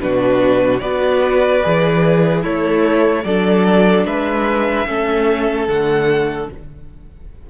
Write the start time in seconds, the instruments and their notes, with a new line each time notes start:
0.00 cello B2, viola D4, violin F#4 B4
0.79 cello B3, viola F#4, violin B4 D5
1.63 cello E3, viola G#4
2.41 cello A3, violin E4 C#5, viola A4
3.24 cello F#3, viola D4, violin A4 D5
4.05 cello G#3, violin B4 E5
4.86 cello A3, viola C#4, violin A4
5.67 cello D3, viola A3, violin F#5